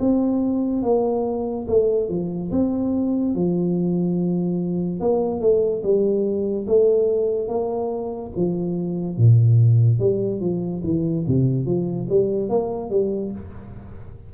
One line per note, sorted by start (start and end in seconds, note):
0.00 0.83 C4
0.83 1.66 A#3
1.68 2.09 A3
2.09 2.51 F3
2.52 3.35 C4
3.35 5.00 F3
5.00 5.41 A#3
5.41 5.82 A3
5.83 6.66 G3
6.67 7.48 A3
7.48 8.31 A#3
8.36 9.17 F3
9.17 10.00 A#2
10.00 10.41 G3
10.41 10.83 F3
10.84 11.25 E3
11.28 11.66 C3
11.66 12.08 F3
12.09 12.50 G3
12.50 12.90 A#3
12.90 13.32 G3